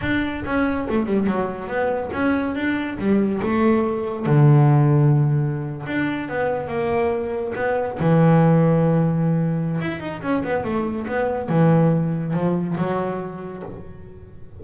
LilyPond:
\new Staff \with { instrumentName = "double bass" } { \time 4/4 \tempo 4 = 141 d'4 cis'4 a8 g8 fis4 | b4 cis'4 d'4 g4 | a2 d2~ | d4.~ d16 d'4 b4 ais16~ |
ais4.~ ais16 b4 e4~ e16~ | e2. e'8 dis'8 | cis'8 b8 a4 b4 e4~ | e4 f4 fis2 | }